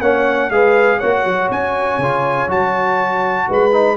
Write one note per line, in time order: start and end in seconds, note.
0.00 0.49 A#3
0.00 0.51 C#4
0.00 0.50 C#5
0.00 0.50 F#5
0.49 0.99 G#3
0.49 1.01 G#4
0.49 0.98 B4
0.49 0.99 F5
0.98 1.24 A#3
0.98 2.01 F#4
0.98 3.46 C#5
0.98 1.49 F#5
1.24 1.49 F#3
1.50 1.98 C#4
1.50 2.50 G#5
1.98 2.47 C#3
1.98 2.48 F4
2.47 3.46 F#3
2.47 3.71 F#4
2.47 3.50 A5
3.48 3.97 G#3
3.48 3.97 B4
3.48 3.97 B5
3.71 3.96 D#4